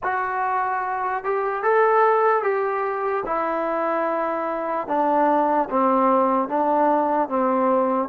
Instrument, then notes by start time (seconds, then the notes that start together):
trombone
0.03 F#4
1.24 G4
1.63 A4
2.42 G4
3.25 E4
4.87 D4
5.70 C4
6.48 D4
7.29 C4